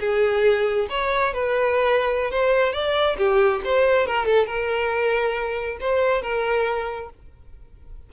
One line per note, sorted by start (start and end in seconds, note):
0.00 0.88 G#4
0.90 1.33 C#5
1.33 2.31 B4
2.31 2.73 C5
2.73 3.17 D5
3.17 3.61 G4
3.64 4.06 C5
4.06 4.25 A#4
4.25 4.46 A4
4.46 5.78 A#4
5.80 6.22 C5
6.22 7.09 A#4